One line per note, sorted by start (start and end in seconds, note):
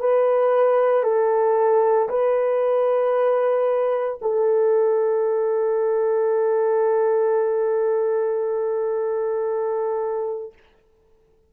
0.00 1.03 B4
1.03 2.09 A4
2.09 4.20 B4
4.22 10.54 A4